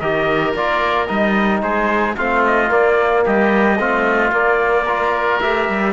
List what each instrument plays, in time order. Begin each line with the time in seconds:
0.00 cello D#3, trombone G4, oboe A#4, trumpet D#5
0.55 cello A#3, trombone F4, trumpet D5
1.07 cello G3, trombone D#4, trumpet D#5
1.62 cello G#3, oboe G#4, trumpet C5
2.16 cello A3, trombone C4, oboe F4, trumpet F5
2.46 trumpet D#5
2.69 trombone A#3, cello A#3, trumpet D5
3.24 cello G3, oboe G4, trumpet D#5
3.79 cello A3, trombone C4, oboe F4
4.32 trombone A#3, cello A#3, trumpet D5
4.85 trombone F4, oboe A#4
5.41 cello A3, trombone G4, trumpet E5
5.69 cello G3